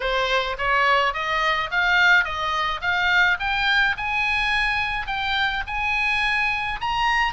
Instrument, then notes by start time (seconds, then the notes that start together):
oboe
0.00 C5
0.58 C#5
1.13 D#5
1.71 F5
2.24 D#5
2.81 F5
3.39 G5
3.97 G#5
5.07 G5
5.66 G#5
6.80 A#5